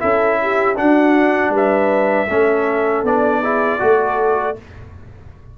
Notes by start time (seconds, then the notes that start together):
0.00 C#4 E4 A4 E5
0.42 G4
0.76 D4 F#4 F#5
1.50 G3 B4
1.57 E5
2.28 A3 C#4 A4
3.03 B3 D4 D5
3.41 E4 G#4
3.80 A3 F#4 A4